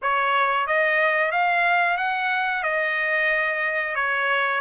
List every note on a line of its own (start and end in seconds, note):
0.02 0.66 C#5
0.66 1.31 D#5
1.31 1.97 F5
1.97 2.63 F#5
2.63 3.95 D#5
3.95 4.60 C#5